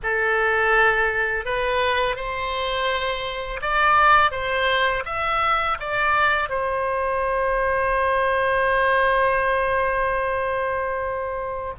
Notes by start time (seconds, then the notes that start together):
0.02 A4
1.45 B4
2.16 C5
3.61 D5
4.31 C5
5.05 E5
5.79 D5
6.49 C5